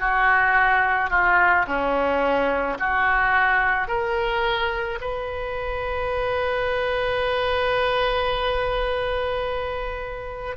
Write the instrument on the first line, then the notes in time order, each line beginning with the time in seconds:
oboe
0.00 F#4
1.11 F4
1.68 C#4
2.80 F#4
3.88 A#4
5.01 B4